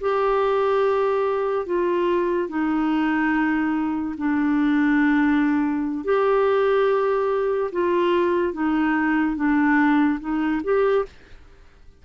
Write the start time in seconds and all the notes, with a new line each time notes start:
0.00 G4
1.66 F4
2.48 D#4
4.17 D4
6.04 G4
7.72 F4
8.53 D#4
9.36 D4
10.19 D#4
10.63 G4